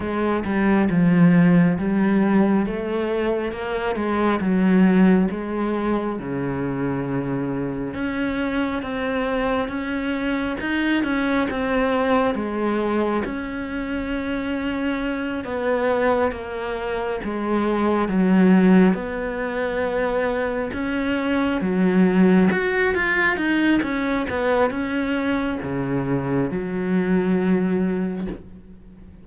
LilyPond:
\new Staff \with { instrumentName = "cello" } { \time 4/4 \tempo 4 = 68 gis8 g8 f4 g4 a4 | ais8 gis8 fis4 gis4 cis4~ | cis4 cis'4 c'4 cis'4 | dis'8 cis'8 c'4 gis4 cis'4~ |
cis'4. b4 ais4 gis8~ | gis8 fis4 b2 cis'8~ | cis'8 fis4 fis'8 f'8 dis'8 cis'8 b8 | cis'4 cis4 fis2 | }